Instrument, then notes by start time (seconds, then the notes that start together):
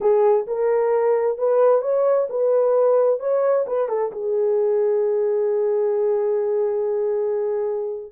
horn
0.00 G#4
0.46 A#4
1.38 B4
1.81 C#5
2.29 B4
3.19 C#5
3.66 B4
3.88 A4
4.11 G#4